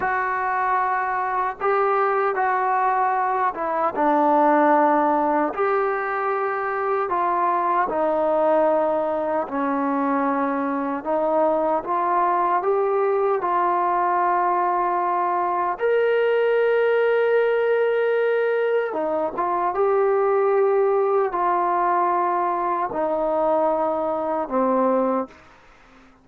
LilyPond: \new Staff \with { instrumentName = "trombone" } { \time 4/4 \tempo 4 = 76 fis'2 g'4 fis'4~ | fis'8 e'8 d'2 g'4~ | g'4 f'4 dis'2 | cis'2 dis'4 f'4 |
g'4 f'2. | ais'1 | dis'8 f'8 g'2 f'4~ | f'4 dis'2 c'4 | }